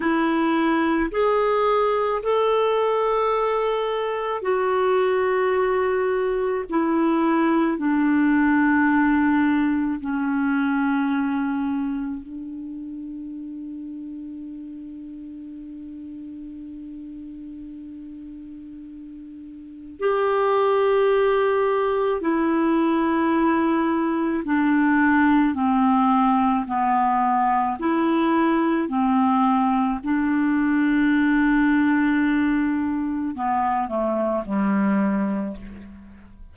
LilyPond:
\new Staff \with { instrumentName = "clarinet" } { \time 4/4 \tempo 4 = 54 e'4 gis'4 a'2 | fis'2 e'4 d'4~ | d'4 cis'2 d'4~ | d'1~ |
d'2 g'2 | e'2 d'4 c'4 | b4 e'4 c'4 d'4~ | d'2 b8 a8 g4 | }